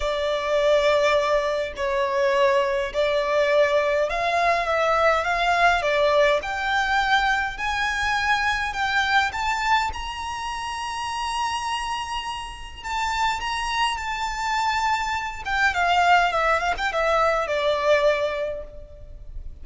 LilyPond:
\new Staff \with { instrumentName = "violin" } { \time 4/4 \tempo 4 = 103 d''2. cis''4~ | cis''4 d''2 f''4 | e''4 f''4 d''4 g''4~ | g''4 gis''2 g''4 |
a''4 ais''2.~ | ais''2 a''4 ais''4 | a''2~ a''8 g''8 f''4 | e''8 f''16 g''16 e''4 d''2 | }